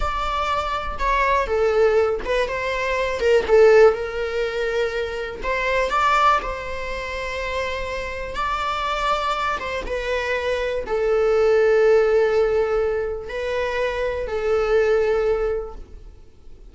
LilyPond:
\new Staff \with { instrumentName = "viola" } { \time 4/4 \tempo 4 = 122 d''2 cis''4 a'4~ | a'8 b'8 c''4. ais'8 a'4 | ais'2. c''4 | d''4 c''2.~ |
c''4 d''2~ d''8 c''8 | b'2 a'2~ | a'2. b'4~ | b'4 a'2. | }